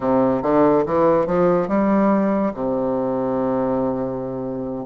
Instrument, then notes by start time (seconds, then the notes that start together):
bassoon
0.00 C3
0.42 D3
0.86 E3
1.26 F3
1.68 G3
2.54 C3